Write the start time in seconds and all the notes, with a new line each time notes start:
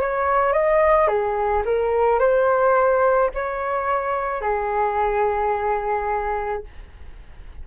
0.00 C#5
0.53 D#5
1.07 G#4
1.65 A#4
2.19 C5
3.34 C#5
4.41 G#4